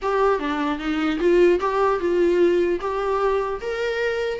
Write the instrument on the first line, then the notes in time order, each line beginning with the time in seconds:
viola
0.02 G4
0.39 D4
0.79 D#4
1.19 F4
1.60 G4
1.99 F4
2.80 G4
3.61 A#4